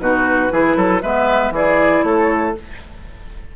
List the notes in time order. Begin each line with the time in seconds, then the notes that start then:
0.00 B2 D#4 F#4 B4
0.51 E3 E4 G#4
0.77 F#3 A4
1.03 G#3 B3 B4 E5
1.51 E3 E4 G#4 D5
2.04 A3 A4 C#5